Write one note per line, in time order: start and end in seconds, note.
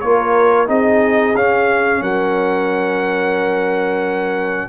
0.00 0.68 A#3
0.00 0.67 F4
0.00 0.68 A#4
0.00 0.67 C#5
0.67 1.35 C4
0.67 1.33 D#4
0.67 2.01 G#4
0.67 1.36 D#5
1.35 2.01 C#4
1.35 4.68 C#4
1.35 2.03 F5
2.01 4.68 F#3
2.01 4.68 A#4
2.01 4.68 F#5